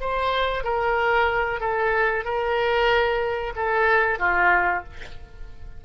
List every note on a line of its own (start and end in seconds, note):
0.00 0.63 C5
0.63 1.60 A#4
1.60 2.24 A4
2.24 3.53 A#4
3.56 4.19 A4
4.19 4.83 F4